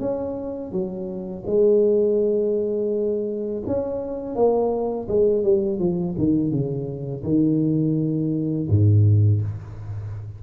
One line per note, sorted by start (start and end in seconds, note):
0.00 0.72 C#4
0.72 1.44 F#3
1.46 3.63 G#3
3.67 4.35 C#4
4.35 5.08 A#3
5.08 5.43 G#3
5.43 5.79 G3
5.79 6.15 F3
6.18 6.51 D#3
6.51 7.23 C#3
7.24 8.68 D#3
8.69 9.42 G#2